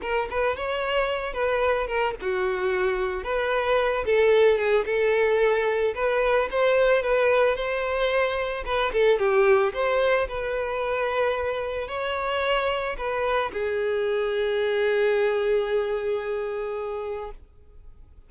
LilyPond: \new Staff \with { instrumentName = "violin" } { \time 4/4 \tempo 4 = 111 ais'8 b'8 cis''4. b'4 ais'8 | fis'2 b'4. a'8~ | a'8 gis'8 a'2 b'4 | c''4 b'4 c''2 |
b'8 a'8 g'4 c''4 b'4~ | b'2 cis''2 | b'4 gis'2.~ | gis'1 | }